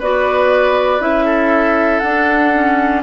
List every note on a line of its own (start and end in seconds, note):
0.00 1.00 B3
0.00 1.00 F#4
0.00 1.26 B4
0.00 1.02 D5
1.00 2.02 C#4
1.00 2.02 E4
1.00 2.00 E5
1.26 3.04 A4
2.00 3.04 D4
2.00 2.54 D4
2.00 3.02 F#5
2.54 3.04 C#4